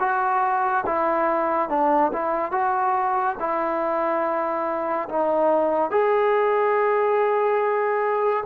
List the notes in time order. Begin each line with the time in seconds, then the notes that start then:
0.00 F#4
0.86 E4
1.69 D4
2.13 E4
2.52 F#4
3.40 E4
5.09 D#4
5.91 G#4